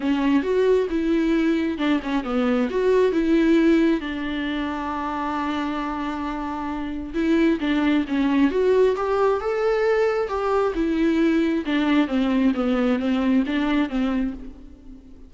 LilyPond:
\new Staff \with { instrumentName = "viola" } { \time 4/4 \tempo 4 = 134 cis'4 fis'4 e'2 | d'8 cis'8 b4 fis'4 e'4~ | e'4 d'2.~ | d'1 |
e'4 d'4 cis'4 fis'4 | g'4 a'2 g'4 | e'2 d'4 c'4 | b4 c'4 d'4 c'4 | }